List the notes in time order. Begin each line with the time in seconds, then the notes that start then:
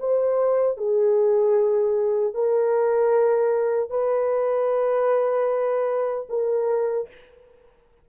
0.00 C5
0.78 G#4
2.34 A#4
3.90 B4
6.30 A#4